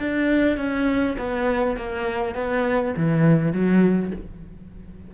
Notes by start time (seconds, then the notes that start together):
0.00 D4
0.58 C#4
1.18 B3
1.77 A#3
2.35 B3
2.96 E3
3.53 F#3